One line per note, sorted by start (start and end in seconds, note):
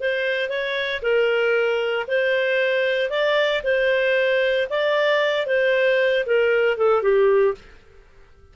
0.00 0.49 C5
0.49 1.01 C#5
1.02 2.06 A#4
2.07 3.09 C5
3.09 3.62 D5
3.63 4.67 C5
4.69 5.46 D5
5.46 6.24 C5
6.26 6.77 A#4
6.77 7.02 A4
7.02 7.54 G4